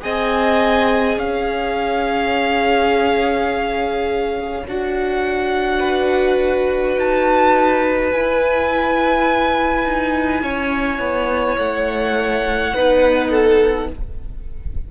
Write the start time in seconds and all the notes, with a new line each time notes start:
0.00 C4 G#4 D#5 G#5
1.17 C#4 C#5 F5
4.68 D4 F#4 F#5
5.79 B4
6.96 D#4 A5
8.12 E4 G#5
9.85 D#4
10.42 C#4 C#5
10.99 B3
11.57 A3 F#5
12.74 B3 D#4 B4
13.30 A4